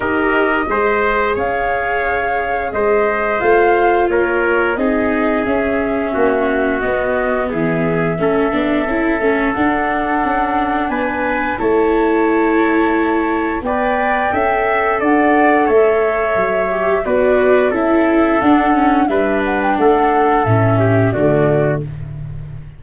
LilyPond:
<<
  \new Staff \with { instrumentName = "flute" } { \time 4/4 \tempo 4 = 88 dis''2 f''2 | dis''4 f''4 cis''4 dis''4 | e''2 dis''4 e''4~ | e''2 fis''2 |
gis''4 a''2. | g''2 fis''4 e''4~ | e''4 d''4 e''4 fis''4 | e''8 fis''16 g''16 fis''4 e''4 d''4 | }
  \new Staff \with { instrumentName = "trumpet" } { \time 4/4 ais'4 c''4 cis''2 | c''2 ais'4 gis'4~ | gis'4 fis'2 gis'4 | a'1 |
b'4 cis''2. | d''4 e''4 d''4 cis''4~ | cis''4 b'4 a'2 | b'4 a'4. g'8 fis'4 | }
  \new Staff \with { instrumentName = "viola" } { \time 4/4 g'4 gis'2.~ | gis'4 f'2 dis'4 | cis'2 b2 | cis'8 d'8 e'8 cis'8 d'2~ |
d'4 e'2. | b'4 a'2.~ | a'8 g'8 fis'4 e'4 d'8 cis'8 | d'2 cis'4 a4 | }
  \new Staff \with { instrumentName = "tuba" } { \time 4/4 dis'4 gis4 cis'2 | gis4 a4 ais4 c'4 | cis'4 ais4 b4 e4 | a8 b8 cis'8 a8 d'4 cis'4 |
b4 a2. | b4 cis'4 d'4 a4 | fis4 b4 cis'4 d'4 | g4 a4 a,4 d4 | }
>>